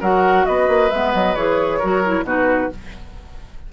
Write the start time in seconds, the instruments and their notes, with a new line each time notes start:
0.00 bassoon F#3, clarinet F#4, oboe A#4, flute F#5
0.45 bassoon B3, oboe B4, flute D#5
0.68 bassoon A#3
0.90 bassoon G#3, clarinet B3, flute E5
1.13 bassoon F#3, flute D#5
1.35 bassoon E3, clarinet G#4, flute C#5
1.78 bassoon F#3, clarinet F#4, oboe A#4
2.04 clarinet E4
2.23 bassoon B2, clarinet D#4, oboe F#4, flute B4